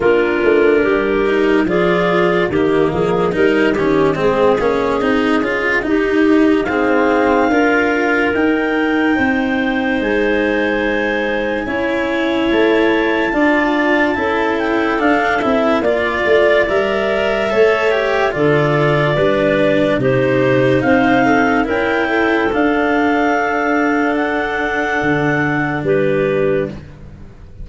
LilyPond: <<
  \new Staff \with { instrumentName = "clarinet" } { \time 4/4 \tempo 4 = 72 ais'2 d''4 dis''4~ | dis''1 | f''2 g''2 | gis''2. a''4~ |
a''4. g''8 f''8 e''8 d''4 | e''2 d''2 | c''4 f''4 g''4 f''4~ | f''4 fis''2 b'4 | }
  \new Staff \with { instrumentName = "clarinet" } { \time 4/4 f'4 g'4 gis'4 g'8 gis'8 | ais'8 g'8 gis'2 g'4 | gis'4 ais'2 c''4~ | c''2 cis''2 |
d''4 a'2 d''4~ | d''4 cis''4 a'4 b'4 | g'4 c''8 a'8 ais'8 a'4.~ | a'2. g'4 | }
  \new Staff \with { instrumentName = "cello" } { \time 4/4 d'4. dis'8 f'4 ais4 | dis'8 cis'8 c'8 cis'8 dis'8 f'8 dis'4 | c'4 f'4 dis'2~ | dis'2 e'2 |
f'4 e'4 d'8 e'8 f'4 | ais'4 a'8 g'8 f'4 d'4 | dis'2 e'4 d'4~ | d'1 | }
  \new Staff \with { instrumentName = "tuba" } { \time 4/4 ais8 a8 g4 f4 dis8 f8 | g8 dis8 gis8 ais8 c'8 cis'8 dis'4~ | dis'4 d'4 dis'4 c'4 | gis2 cis'4 a4 |
d'4 cis'4 d'8 c'8 ais8 a8 | g4 a4 d4 g4 | c4 c'4 cis'4 d'4~ | d'2 d4 g4 | }
>>